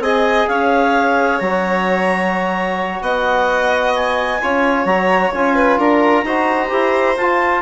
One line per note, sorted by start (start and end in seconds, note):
0.00 0.46 C4
0.00 1.42 G#4
0.00 0.49 D#5
0.00 0.48 G#5
0.48 1.41 C#4
0.48 3.03 C#5
0.48 1.40 F5
1.40 3.01 F#3
1.40 4.42 F#4
1.40 3.01 A#5
3.01 4.40 B3
3.01 4.41 D#5
3.01 3.94 F#5
3.95 4.86 G#5
4.42 4.85 C#4
4.42 4.87 F4
4.42 5.55 C#5
4.85 5.31 F#3
4.85 5.33 F#4
4.85 5.32 A#5
5.33 5.78 C#4
5.33 6.26 F4
5.33 5.80 G#5
5.55 5.78 B4
5.78 6.24 D4
5.78 6.24 A#4
5.78 7.18 A#5
6.24 6.70 D#4
6.24 6.69 F#4
6.24 7.62 C5
6.69 7.17 E4
6.69 7.15 G4
7.17 7.62 F4
7.17 7.62 A5